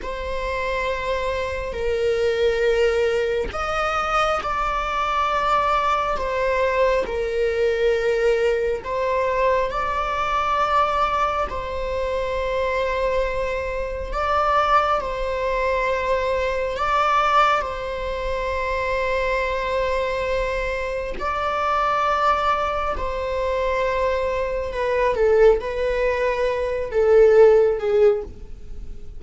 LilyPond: \new Staff \with { instrumentName = "viola" } { \time 4/4 \tempo 4 = 68 c''2 ais'2 | dis''4 d''2 c''4 | ais'2 c''4 d''4~ | d''4 c''2. |
d''4 c''2 d''4 | c''1 | d''2 c''2 | b'8 a'8 b'4. a'4 gis'8 | }